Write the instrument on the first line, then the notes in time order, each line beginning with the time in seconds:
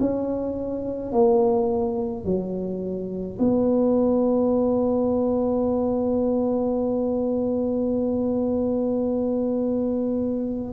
tuba
0.00 C#4
1.13 A#3
2.25 F#3
3.39 B3